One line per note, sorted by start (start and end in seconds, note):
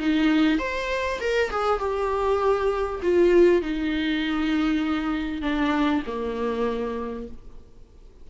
0.00 0.59 D#4
0.59 1.20 C5
1.21 1.51 A#4
1.51 1.80 G#4
1.80 3.01 G4
3.03 3.62 F4
3.62 5.42 D#4
5.42 6.03 D4
6.07 7.28 A#3